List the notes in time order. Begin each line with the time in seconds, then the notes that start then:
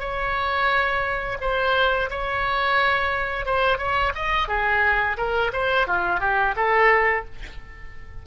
0.00 C#5
1.41 C5
2.10 C#5
3.46 C5
3.79 C#5
4.15 D#5
4.48 G#4
5.18 A#4
5.53 C5
5.88 F4
6.20 G4
6.56 A4